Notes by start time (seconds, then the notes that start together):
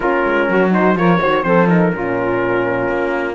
0.00 A#3 C#4 F4 A#4
0.25 G#3
0.48 F#3 F#4
0.71 D#4 C5
0.95 F3 F4 A#4 C#5
1.20 D#3 F#4 C5
1.43 F3 C4 A4 C5
1.68 D#4 A#4
1.92 A#2 C#4 F4
2.88 A#3